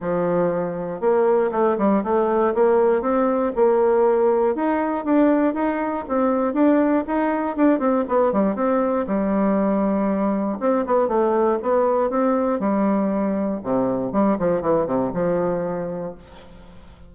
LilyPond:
\new Staff \with { instrumentName = "bassoon" } { \time 4/4 \tempo 4 = 119 f2 ais4 a8 g8 | a4 ais4 c'4 ais4~ | ais4 dis'4 d'4 dis'4 | c'4 d'4 dis'4 d'8 c'8 |
b8 g8 c'4 g2~ | g4 c'8 b8 a4 b4 | c'4 g2 c4 | g8 f8 e8 c8 f2 | }